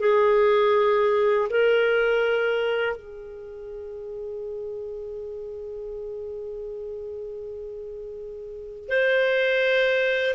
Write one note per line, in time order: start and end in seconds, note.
0.00 1.48 G#4
1.50 2.96 A#4
2.96 8.89 G#4
8.89 10.34 C5